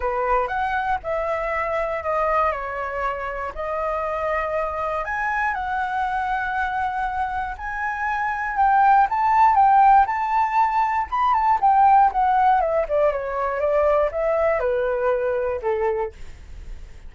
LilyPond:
\new Staff \with { instrumentName = "flute" } { \time 4/4 \tempo 4 = 119 b'4 fis''4 e''2 | dis''4 cis''2 dis''4~ | dis''2 gis''4 fis''4~ | fis''2. gis''4~ |
gis''4 g''4 a''4 g''4 | a''2 b''8 a''8 g''4 | fis''4 e''8 d''8 cis''4 d''4 | e''4 b'2 a'4 | }